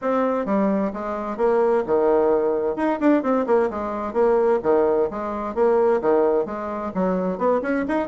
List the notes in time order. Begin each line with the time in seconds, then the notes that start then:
0.01 C4
0.45 G3
0.93 G#3
1.37 A#3
1.86 D#3
2.76 D#4
3.00 D4
3.22 C4
3.46 A#3
3.70 G#3
4.13 A#3
4.63 D#3
5.10 G#3
5.54 A#3
6.01 D#3
6.45 G#3
6.94 F#3
7.37 B3
7.62 C#4
7.88 D#4